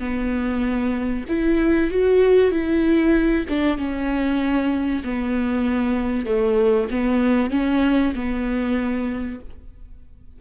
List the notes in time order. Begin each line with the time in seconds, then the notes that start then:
0.00 B3
1.29 E4
1.91 F#4
2.52 E4
3.49 D4
3.78 C#4
5.05 B3
6.26 A3
6.91 B3
7.51 C#4
8.15 B3